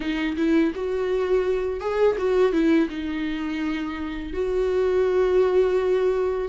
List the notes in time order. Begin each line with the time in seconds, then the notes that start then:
0.00 D#4
0.36 E4
0.75 F#4
1.80 G#4
2.18 F#4
2.52 E4
2.89 D#4
4.33 F#4